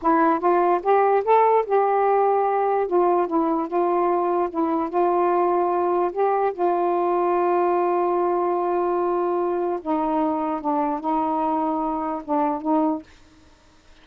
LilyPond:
\new Staff \with { instrumentName = "saxophone" } { \time 4/4 \tempo 4 = 147 e'4 f'4 g'4 a'4 | g'2. f'4 | e'4 f'2 e'4 | f'2. g'4 |
f'1~ | f'1 | dis'2 d'4 dis'4~ | dis'2 d'4 dis'4 | }